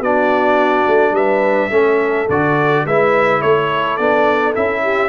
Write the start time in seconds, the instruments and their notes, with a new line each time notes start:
0.00 tuba B3, trombone D4, horn F#4, trumpet D5
0.87 tuba A3
1.11 tuba G3, horn B4, trumpet E5
1.71 tuba A3, trombone C#4, horn A4
2.29 tuba D3, trombone F#4, trumpet D5
2.84 tuba G#3, trombone E4, horn B4, trumpet E5
3.42 tuba A3, horn A4, trumpet C#5
3.96 tuba B3, trombone D4, trumpet D5
4.55 tuba C#4, trombone E4, trumpet E5
4.83 horn G4